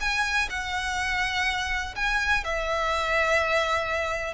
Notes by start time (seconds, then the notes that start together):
0.00 G#5
0.49 F#5
1.95 G#5
2.44 E5